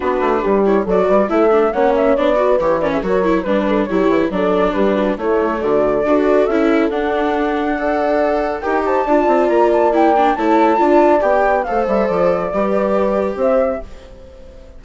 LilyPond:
<<
  \new Staff \with { instrumentName = "flute" } { \time 4/4 \tempo 4 = 139 b'4. cis''8 d''4 e''4 | fis''8 e''8 d''4 cis''8 d''16 e''16 cis''4 | b'4 cis''4 d''4 b'4 | cis''4 d''2 e''4 |
fis''1 | g''8 a''4. ais''8 a''8 g''4 | a''2 g''4 f''8 e''8 | d''2. e''4 | }
  \new Staff \with { instrumentName = "horn" } { \time 4/4 fis'4 g'4 a'8 b'8 a'4 | cis''4. b'4 ais'16 gis'16 ais'4 | b'8 a'8 g'4 a'4 g'8 fis'8 | e'4 fis'4 a'2~ |
a'2 d''2 | ais'8 c''8 d''2. | cis''4 d''2 c''4~ | c''4 b'2 c''4 | }
  \new Staff \with { instrumentName = "viola" } { \time 4/4 d'4. e'8 fis'4 e'8 d'8 | cis'4 d'8 fis'8 g'8 cis'8 fis'8 e'8 | d'4 e'4 d'2 | a2 fis'4 e'4 |
d'2 a'2 | g'4 f'2 e'8 d'8 | e'4 f'4 g'4 a'4~ | a'4 g'2. | }
  \new Staff \with { instrumentName = "bassoon" } { \time 4/4 b8 a8 g4 fis8 g8 a4 | ais4 b4 e4 fis4 | g4 fis8 e8 fis4 g4 | a4 d4 d'4 cis'4 |
d'1 | dis'4 d'8 c'8 ais2 | a4 d'4 b4 a8 g8 | f4 g2 c'4 | }
>>